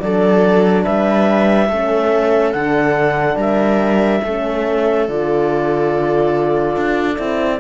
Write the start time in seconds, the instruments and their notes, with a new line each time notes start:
0.00 cello F#3, horn D4, viola A4, clarinet D5
0.83 cello G3, viola B4, clarinet E5
1.69 cello A3, horn C#4, viola A4
2.52 cello D3, horn D4, clarinet F#5
3.36 cello G3, viola A#4, clarinet E5
4.24 cello A3, horn C#4, viola A4
5.08 cello D3, horn F4, clarinet D5
6.76 cello D4
7.15 cello C4, horn E4